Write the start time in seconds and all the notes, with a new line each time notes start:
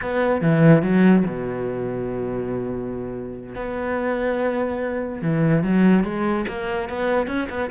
0.01 B3
0.41 E3
0.82 F#3
1.26 B2
3.55 B3
5.22 E3
5.63 F#3
6.04 G#3
6.48 A#3
6.89 B3
7.27 C#4
7.49 B3